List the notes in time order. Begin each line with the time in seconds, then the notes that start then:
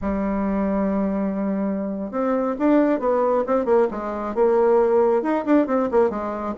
0.01 G3
2.11 C4
2.58 D4
2.99 B3
3.46 C4
3.65 A#3
3.91 G#3
4.34 A#3
5.22 D#4
5.45 D4
5.67 C4
5.91 A#3
6.09 G#3